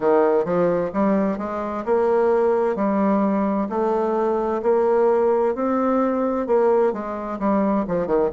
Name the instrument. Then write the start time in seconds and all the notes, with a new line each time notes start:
bassoon
0.00 D#3
0.44 F3
0.93 G3
1.38 G#3
1.85 A#3
2.75 G3
3.69 A3
4.62 A#3
5.54 C4
6.46 A#3
6.92 G#3
7.38 G3
7.87 F3
8.06 D#3